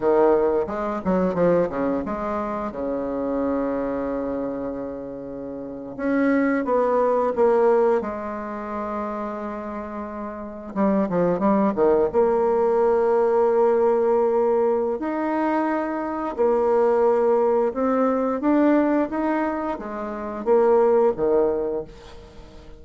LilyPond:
\new Staff \with { instrumentName = "bassoon" } { \time 4/4 \tempo 4 = 88 dis4 gis8 fis8 f8 cis8 gis4 | cis1~ | cis8. cis'4 b4 ais4 gis16~ | gis2.~ gis8. g16~ |
g16 f8 g8 dis8 ais2~ ais16~ | ais2 dis'2 | ais2 c'4 d'4 | dis'4 gis4 ais4 dis4 | }